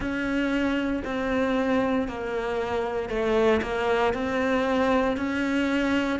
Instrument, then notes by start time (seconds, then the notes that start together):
cello
0.00 C#4
1.04 C4
2.07 A#3
3.08 A3
3.62 A#3
4.13 C4
5.17 C#4